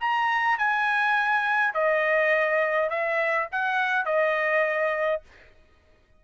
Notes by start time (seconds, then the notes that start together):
0.00 A#5
0.58 G#5
1.74 D#5
2.90 E5
3.52 F#5
4.05 D#5